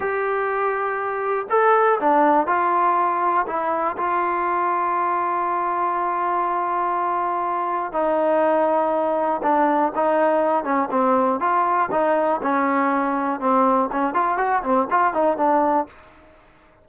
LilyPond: \new Staff \with { instrumentName = "trombone" } { \time 4/4 \tempo 4 = 121 g'2. a'4 | d'4 f'2 e'4 | f'1~ | f'1 |
dis'2. d'4 | dis'4. cis'8 c'4 f'4 | dis'4 cis'2 c'4 | cis'8 f'8 fis'8 c'8 f'8 dis'8 d'4 | }